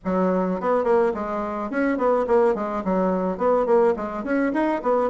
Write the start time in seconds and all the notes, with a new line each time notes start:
0.04 F#3
0.60 B3
0.84 A#3
1.14 G#3
1.70 C#4
1.97 B3
2.27 A#3
2.55 G#3
2.84 F#3
3.37 B3
3.65 A#3
3.96 G#3
4.24 C#4
4.53 D#4
4.82 B3